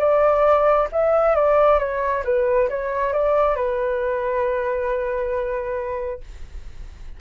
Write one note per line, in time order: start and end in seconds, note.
0.00 0.88 D5
0.92 1.36 E5
1.36 1.79 D5
1.79 2.23 C#5
2.25 2.69 B4
2.70 3.14 C#5
3.14 3.56 D5
3.56 6.21 B4